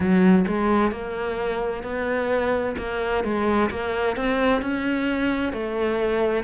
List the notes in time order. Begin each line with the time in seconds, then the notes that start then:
0.00 F#3
0.47 G#3
0.91 A#3
1.83 B3
2.78 A#3
3.23 G#3
3.70 A#3
4.16 C4
4.61 C#4
5.53 A3